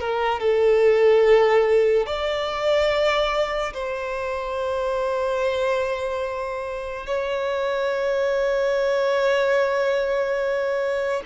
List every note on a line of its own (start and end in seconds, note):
0.00 0.40 A#4
0.40 2.06 A4
2.06 3.73 D5
3.73 7.06 C5
7.06 11.23 C#5